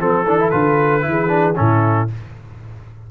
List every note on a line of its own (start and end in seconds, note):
0.00 0.26 F3
0.00 0.26 C4
0.00 1.05 A4
0.00 0.51 A4
0.26 0.52 E3
0.26 0.40 D4
0.40 0.52 E4
0.51 1.06 D3
0.51 1.01 F4
0.51 1.55 B4
1.01 1.58 E3
1.01 1.27 E4
1.10 1.59 G#4
1.28 1.54 D4
1.56 2.11 A2
1.56 2.08 C#4
1.56 2.11 E4
1.56 2.09 A4